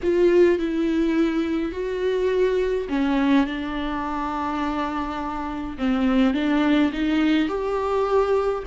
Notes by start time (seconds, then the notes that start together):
0.02 F4
0.58 E4
1.72 F#4
2.88 C#4
3.46 D4
5.78 C4
6.33 D4
6.92 D#4
7.48 G4